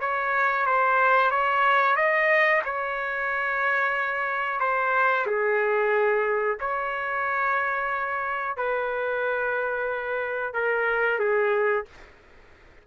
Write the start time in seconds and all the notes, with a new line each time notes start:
0.00 C#5
0.65 C5
1.30 C#5
1.96 D#5
2.64 C#5
4.59 C5
5.26 G#4
6.60 C#5
8.56 B4
10.53 A#4
11.19 G#4